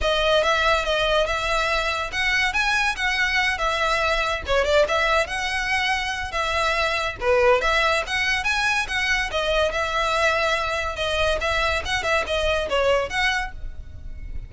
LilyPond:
\new Staff \with { instrumentName = "violin" } { \time 4/4 \tempo 4 = 142 dis''4 e''4 dis''4 e''4~ | e''4 fis''4 gis''4 fis''4~ | fis''8 e''2 cis''8 d''8 e''8~ | e''8 fis''2~ fis''8 e''4~ |
e''4 b'4 e''4 fis''4 | gis''4 fis''4 dis''4 e''4~ | e''2 dis''4 e''4 | fis''8 e''8 dis''4 cis''4 fis''4 | }